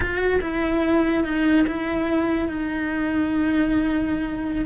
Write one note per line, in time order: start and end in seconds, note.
0.00 0.40 F#4
0.41 1.24 E4
1.24 1.65 D#4
1.67 2.48 E4
2.48 4.65 D#4